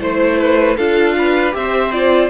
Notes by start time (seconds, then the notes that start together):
0.00 A3 E4 C5
0.37 B4
0.76 D4 F4 A4 F5
1.17 B4
1.51 C4 G4 C5 E5
1.92 F4 D5